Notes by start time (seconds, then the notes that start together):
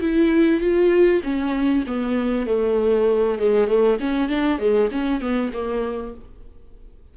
0.00 E4
0.60 F4
1.23 C#4
1.86 B3
2.46 A3
3.38 G#3
3.67 A3
4.00 C#4
4.29 D4
4.58 G#3
4.91 C#4
5.21 B3
5.53 A#3